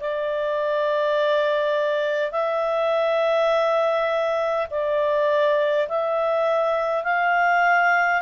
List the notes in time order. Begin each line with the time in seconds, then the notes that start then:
0.00 D5
2.32 E5
4.71 D5
5.89 E5
7.04 F5